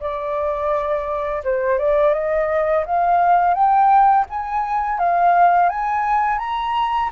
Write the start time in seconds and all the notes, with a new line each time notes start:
0.00 D5
1.44 C5
1.79 D5
2.13 D#5
2.86 F5
3.54 G5
4.30 G#5
4.99 F5
5.69 G#5
6.39 A#5